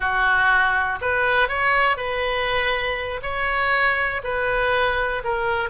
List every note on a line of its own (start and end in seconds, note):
0.00 0.99 F#4
1.01 1.48 B4
1.48 1.96 C#5
1.96 3.20 B4
3.22 4.21 C#5
4.23 5.22 B4
5.24 5.69 A#4